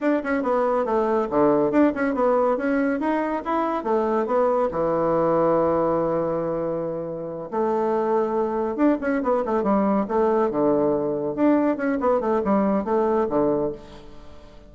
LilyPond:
\new Staff \with { instrumentName = "bassoon" } { \time 4/4 \tempo 4 = 140 d'8 cis'8 b4 a4 d4 | d'8 cis'8 b4 cis'4 dis'4 | e'4 a4 b4 e4~ | e1~ |
e4. a2~ a8~ | a8 d'8 cis'8 b8 a8 g4 a8~ | a8 d2 d'4 cis'8 | b8 a8 g4 a4 d4 | }